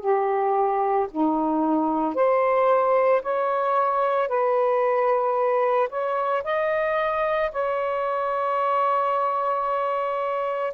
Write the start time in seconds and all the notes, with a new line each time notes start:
0.00 G4
1.11 D#4
2.14 C5
3.22 C#5
4.28 B4
5.89 C#5
6.44 D#5
7.51 C#5